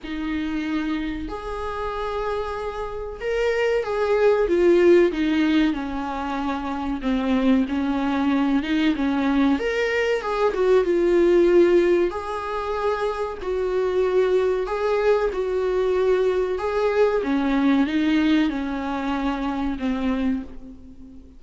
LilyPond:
\new Staff \with { instrumentName = "viola" } { \time 4/4 \tempo 4 = 94 dis'2 gis'2~ | gis'4 ais'4 gis'4 f'4 | dis'4 cis'2 c'4 | cis'4. dis'8 cis'4 ais'4 |
gis'8 fis'8 f'2 gis'4~ | gis'4 fis'2 gis'4 | fis'2 gis'4 cis'4 | dis'4 cis'2 c'4 | }